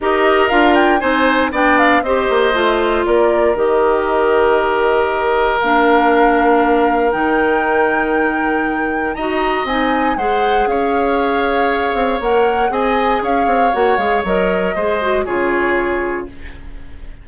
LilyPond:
<<
  \new Staff \with { instrumentName = "flute" } { \time 4/4 \tempo 4 = 118 dis''4 f''8 g''8 gis''4 g''8 f''8 | dis''2 d''4 dis''4~ | dis''2. f''4~ | f''2 g''2~ |
g''2 ais''4 gis''4 | fis''4 f''2. | fis''4 gis''4 f''4 fis''8 f''8 | dis''2 cis''2 | }
  \new Staff \with { instrumentName = "oboe" } { \time 4/4 ais'2 c''4 d''4 | c''2 ais'2~ | ais'1~ | ais'1~ |
ais'2 dis''2 | c''4 cis''2.~ | cis''4 dis''4 cis''2~ | cis''4 c''4 gis'2 | }
  \new Staff \with { instrumentName = "clarinet" } { \time 4/4 g'4 f'4 dis'4 d'4 | g'4 f'2 g'4~ | g'2. d'4~ | d'2 dis'2~ |
dis'2 fis'4 dis'4 | gis'1 | ais'4 gis'2 fis'8 gis'8 | ais'4 gis'8 fis'8 f'2 | }
  \new Staff \with { instrumentName = "bassoon" } { \time 4/4 dis'4 d'4 c'4 b4 | c'8 ais8 a4 ais4 dis4~ | dis2. ais4~ | ais2 dis2~ |
dis2 dis'4 c'4 | gis4 cis'2~ cis'8 c'8 | ais4 c'4 cis'8 c'8 ais8 gis8 | fis4 gis4 cis2 | }
>>